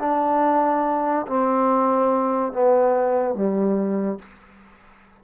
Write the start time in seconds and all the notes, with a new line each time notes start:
0.00 D4
1.28 C4
2.53 B3
3.35 G3